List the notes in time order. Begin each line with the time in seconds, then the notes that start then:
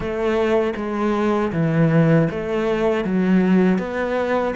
0.00 A3
0.76 G#3
1.52 E3
2.30 A3
3.04 F#3
3.78 B3